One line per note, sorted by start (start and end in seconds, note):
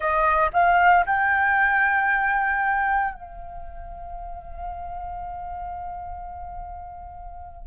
0.00 0.50 D#5
0.53 1.05 F5
1.06 3.14 G5
3.14 7.66 F5